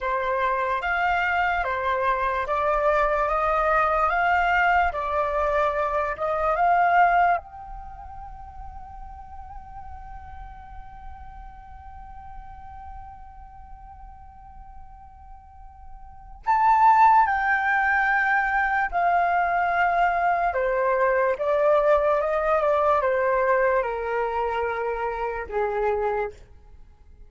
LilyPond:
\new Staff \with { instrumentName = "flute" } { \time 4/4 \tempo 4 = 73 c''4 f''4 c''4 d''4 | dis''4 f''4 d''4. dis''8 | f''4 g''2.~ | g''1~ |
g''1 | a''4 g''2 f''4~ | f''4 c''4 d''4 dis''8 d''8 | c''4 ais'2 gis'4 | }